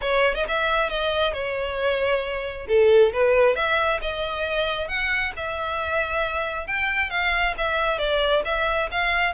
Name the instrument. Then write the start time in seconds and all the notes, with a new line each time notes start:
violin
0.01 C#5
0.34 D#5
0.48 E5
0.89 D#5
1.33 C#5
2.68 A4
3.12 B4
3.55 E5
4.01 D#5
4.87 F#5
5.36 E5
6.67 G5
7.09 F5
7.57 E5
7.98 D5
8.44 E5
8.91 F5